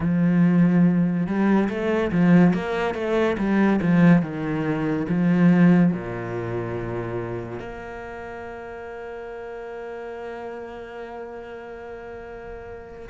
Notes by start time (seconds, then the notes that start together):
0.00 F3
1.26 G3
1.69 A3
2.11 F3
2.53 A#3
2.94 A3
3.38 G3
3.81 F3
4.22 D#3
5.08 F3
5.92 A#2
7.59 A#3